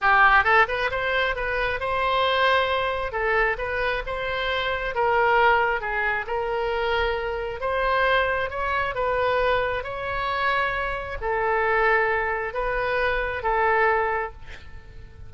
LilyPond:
\new Staff \with { instrumentName = "oboe" } { \time 4/4 \tempo 4 = 134 g'4 a'8 b'8 c''4 b'4 | c''2. a'4 | b'4 c''2 ais'4~ | ais'4 gis'4 ais'2~ |
ais'4 c''2 cis''4 | b'2 cis''2~ | cis''4 a'2. | b'2 a'2 | }